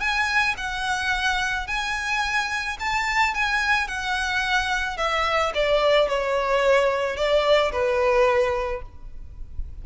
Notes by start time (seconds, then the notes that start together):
0.00 G#5
0.57 F#5
1.67 G#5
2.80 A5
3.34 G#5
3.88 F#5
4.97 E5
5.54 D5
6.09 C#5
7.17 D5
7.72 B4